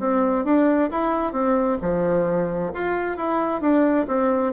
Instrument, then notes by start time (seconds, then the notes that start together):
bassoon
0.00 C4
0.45 D4
0.91 E4
1.33 C4
1.82 F3
2.74 F4
3.17 E4
3.61 D4
4.08 C4